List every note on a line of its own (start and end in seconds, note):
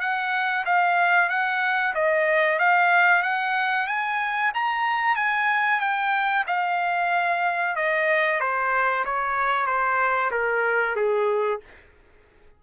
0.00 0.65 F#5
0.65 1.29 F5
1.29 1.94 F#5
1.94 2.59 D#5
2.59 3.22 F5
3.22 3.87 F#5
3.87 4.51 G#5
4.54 5.15 A#5
5.15 5.80 G#5
5.80 6.44 G5
6.47 7.76 F5
7.76 8.40 D#5
8.40 9.04 C5
9.05 9.66 C#5
9.66 10.30 C5
10.31 10.95 A#4
10.95 11.60 G#4